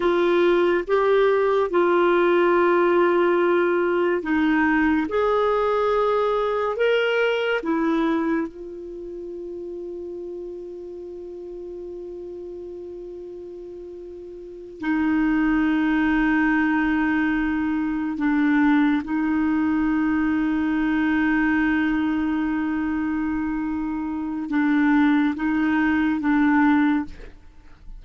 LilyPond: \new Staff \with { instrumentName = "clarinet" } { \time 4/4 \tempo 4 = 71 f'4 g'4 f'2~ | f'4 dis'4 gis'2 | ais'4 e'4 f'2~ | f'1~ |
f'4. dis'2~ dis'8~ | dis'4. d'4 dis'4.~ | dis'1~ | dis'4 d'4 dis'4 d'4 | }